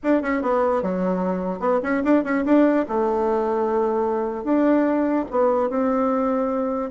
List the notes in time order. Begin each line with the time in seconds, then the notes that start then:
0.03 D4
0.22 C#4
0.41 B3
0.82 F#3
1.59 B3
1.82 C#4
2.04 D4
2.24 C#4
2.45 D4
2.88 A3
4.44 D4
5.30 B3
5.69 C4